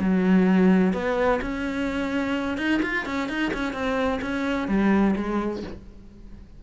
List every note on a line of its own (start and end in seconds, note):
0.00 0.94 F#3
0.94 1.40 B3
1.42 2.58 C#4
2.58 2.81 D#4
2.83 3.06 F4
3.06 3.29 C#4
3.29 3.52 D#4
3.54 3.73 C#4
3.73 4.20 C4
4.22 4.68 C#4
4.68 5.15 G3
5.16 5.63 G#3